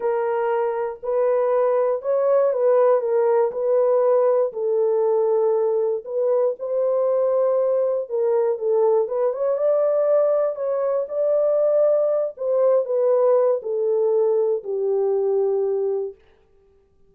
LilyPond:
\new Staff \with { instrumentName = "horn" } { \time 4/4 \tempo 4 = 119 ais'2 b'2 | cis''4 b'4 ais'4 b'4~ | b'4 a'2. | b'4 c''2. |
ais'4 a'4 b'8 cis''8 d''4~ | d''4 cis''4 d''2~ | d''8 c''4 b'4. a'4~ | a'4 g'2. | }